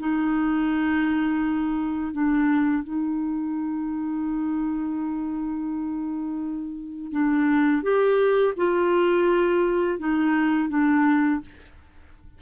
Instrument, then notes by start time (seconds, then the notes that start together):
clarinet
0.00 D#4
2.13 D4
2.84 D#4
7.12 D4
7.83 G4
8.57 F4
9.99 D#4
10.69 D4